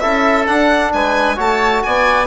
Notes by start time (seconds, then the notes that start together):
0.00 C#4 E4 A4 E5
0.46 D4 F#5
0.93 G#3 B4 G#5
1.36 A3 F#4 C#5 A5
1.83 B3 D5 G#5